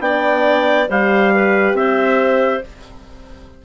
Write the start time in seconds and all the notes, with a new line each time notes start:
0.00 B3 D4 D5 G5
0.89 G3 G4 C5 F5
1.34 B4
1.73 C4 C5 E5